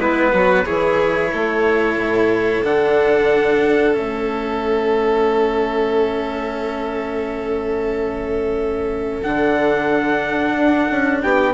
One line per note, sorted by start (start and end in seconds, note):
0.00 0.33 G#3
0.00 0.66 B3
0.00 0.33 E4
0.00 0.66 B4
0.34 0.66 F#3
0.34 0.65 F#4
0.65 1.34 E3
0.65 2.64 E4
0.65 1.31 G#4
0.65 2.64 C#5
1.33 1.97 A3
1.33 11.22 A4
1.97 2.63 A2
2.64 3.96 D3
2.64 3.95 D4
2.64 3.94 F#5
3.94 9.23 A3
3.94 9.22 C#4
3.94 9.22 E5
9.23 10.56 D3
9.23 11.54 D4
9.23 11.21 F#5
10.56 10.89 D4
10.91 11.23 C#4
11.23 11.54 B3
11.23 11.54 G4
11.23 11.54 G5